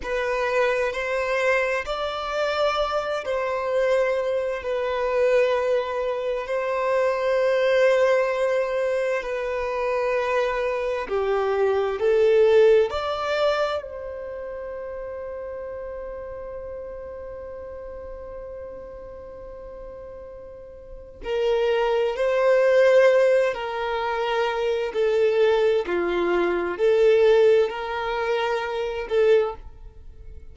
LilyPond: \new Staff \with { instrumentName = "violin" } { \time 4/4 \tempo 4 = 65 b'4 c''4 d''4. c''8~ | c''4 b'2 c''4~ | c''2 b'2 | g'4 a'4 d''4 c''4~ |
c''1~ | c''2. ais'4 | c''4. ais'4. a'4 | f'4 a'4 ais'4. a'8 | }